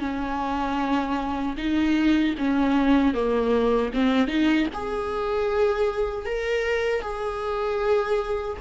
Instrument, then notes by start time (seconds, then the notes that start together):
viola
0.00 C#4
1.58 D#4
2.38 C#4
3.14 A#3
3.94 C4
4.28 D#4
4.74 G#4
6.26 A#4
7.02 G#4